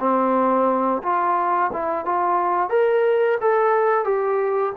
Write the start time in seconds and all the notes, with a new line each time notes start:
0.00 C4
1.03 F4
1.73 E4
2.05 F4
2.70 A#4
3.41 A4
4.05 G4